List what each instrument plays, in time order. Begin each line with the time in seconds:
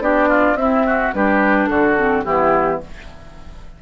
0.00 bassoon B3, clarinet D4, oboe G4, flute D5
0.29 oboe F4
0.55 bassoon C4, clarinet C4, oboe E4, flute E5
0.86 oboe F#4
1.14 bassoon G3, clarinet D4, oboe G4, flute B4
1.67 bassoon D3, oboe F#4, flute A4
1.96 clarinet C4
2.24 bassoon E3, clarinet B3, oboe E4, flute G4